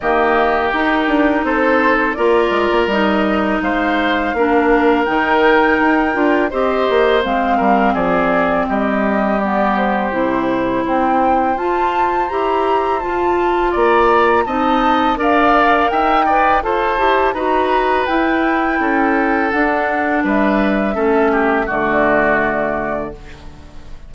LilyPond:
<<
  \new Staff \with { instrumentName = "flute" } { \time 4/4 \tempo 4 = 83 dis''4 ais'4 c''4 d''4 | dis''4 f''2 g''4~ | g''4 dis''4 f''4 d''4 | dis''4 d''8 c''4. g''4 |
a''4 ais''4 a''4 ais''4 | a''4 f''4 g''4 a''4 | ais''4 g''2 fis''4 | e''2 d''2 | }
  \new Staff \with { instrumentName = "oboe" } { \time 4/4 g'2 a'4 ais'4~ | ais'4 c''4 ais'2~ | ais'4 c''4. ais'8 gis'4 | g'2. c''4~ |
c''2. d''4 | dis''4 d''4 e''8 d''8 c''4 | b'2 a'2 | b'4 a'8 g'8 fis'2 | }
  \new Staff \with { instrumentName = "clarinet" } { \time 4/4 ais4 dis'2 f'4 | dis'2 d'4 dis'4~ | dis'8 f'8 g'4 c'2~ | c'4 b4 e'2 |
f'4 g'4 f'2 | dis'4 ais'4. b'8 a'8 g'8 | fis'4 e'2 d'4~ | d'4 cis'4 a2 | }
  \new Staff \with { instrumentName = "bassoon" } { \time 4/4 dis4 dis'8 d'8 c'4 ais8 gis16 ais16 | g4 gis4 ais4 dis4 | dis'8 d'8 c'8 ais8 gis8 g8 f4 | g2 c4 c'4 |
f'4 e'4 f'4 ais4 | c'4 d'4 dis'4 f'8 e'8 | dis'4 e'4 cis'4 d'4 | g4 a4 d2 | }
>>